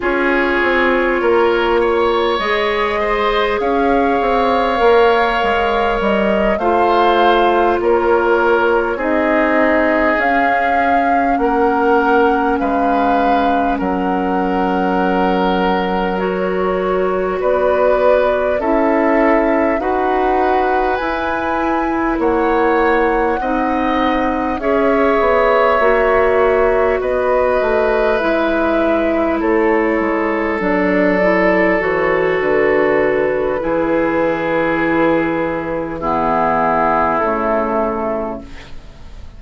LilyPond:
<<
  \new Staff \with { instrumentName = "flute" } { \time 4/4 \tempo 4 = 50 cis''2 dis''4 f''4~ | f''4 dis''8 f''4 cis''4 dis''8~ | dis''8 f''4 fis''4 f''4 fis''8~ | fis''4. cis''4 d''4 e''8~ |
e''8 fis''4 gis''4 fis''4.~ | fis''8 e''2 dis''4 e''8~ | e''8 cis''4 d''4 cis''8 b'4~ | b'2 gis'4 a'4 | }
  \new Staff \with { instrumentName = "oboe" } { \time 4/4 gis'4 ais'8 cis''4 c''8 cis''4~ | cis''4. c''4 ais'4 gis'8~ | gis'4. ais'4 b'4 ais'8~ | ais'2~ ais'8 b'4 a'8~ |
a'8 b'2 cis''4 dis''8~ | dis''8 cis''2 b'4.~ | b'8 a'2.~ a'8 | gis'2 e'2 | }
  \new Staff \with { instrumentName = "clarinet" } { \time 4/4 f'2 gis'2 | ais'4. f'2 dis'8~ | dis'8 cis'2.~ cis'8~ | cis'4. fis'2 e'8~ |
e'8 fis'4 e'2 dis'8~ | dis'8 gis'4 fis'2 e'8~ | e'4. d'8 e'8 fis'4. | e'2 b4 a4 | }
  \new Staff \with { instrumentName = "bassoon" } { \time 4/4 cis'8 c'8 ais4 gis4 cis'8 c'8 | ais8 gis8 g8 a4 ais4 c'8~ | c'8 cis'4 ais4 gis4 fis8~ | fis2~ fis8 b4 cis'8~ |
cis'8 dis'4 e'4 ais4 c'8~ | c'8 cis'8 b8 ais4 b8 a8 gis8~ | gis8 a8 gis8 fis4 e8 d4 | e2. cis4 | }
>>